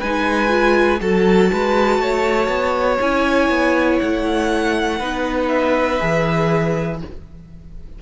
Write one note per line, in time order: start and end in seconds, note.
0.00 1.01 G#3
0.00 0.49 D#4
0.00 1.00 B4
0.00 1.01 G#5
0.49 0.99 F4
1.01 1.51 F#3
1.01 3.01 F#4
1.01 1.52 A4
1.01 3.01 A5
1.53 1.99 G#3
1.53 2.01 B4
1.99 2.48 A3
1.99 4.99 C#5
2.48 2.98 B3
3.01 3.50 C#4
3.01 5.01 E4
3.01 3.99 G#5
3.50 4.00 B3
3.99 5.01 A3
3.99 5.49 F#5
4.99 6.01 B3
4.99 6.00 D#4
4.99 6.99 B4
5.49 6.99 E5
6.00 7.02 E3
6.00 7.00 G#4